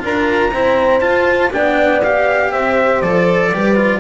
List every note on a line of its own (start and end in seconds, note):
0.00 0.54 D4
0.00 0.50 F4
0.00 0.54 A#4
0.00 1.01 A#5
0.54 1.01 C4
0.54 1.02 E4
0.54 1.54 C5
1.01 1.51 F4
1.01 1.52 F4
1.01 1.51 A5
1.51 2.54 B3
1.51 2.01 D4
1.51 2.52 D5
1.51 2.03 G5
2.04 3.04 G4
2.04 2.52 F5
2.52 3.02 C4
2.52 3.52 C5
2.52 3.02 E5
3.02 3.52 F3
3.02 3.54 A4
3.02 4.00 D5
3.53 4.00 G3
3.53 3.76 G4
3.53 4.00 B4
3.76 4.00 F4